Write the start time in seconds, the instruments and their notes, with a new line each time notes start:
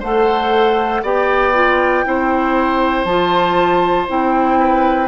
0.00 bassoon A3, clarinet A4, oboe C5, flute F#5
1.03 bassoon B3, clarinet G4, oboe D5, flute G5
1.54 clarinet F4
2.05 bassoon C4, clarinet E4, oboe C5
3.05 bassoon F3, clarinet F4, flute A5
4.08 bassoon C4, clarinet E4, flute G5
4.60 oboe B4